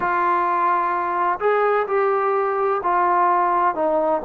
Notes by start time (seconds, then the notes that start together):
0.00 F4
1.39 G#4
1.87 G4
2.83 F4
3.74 D#4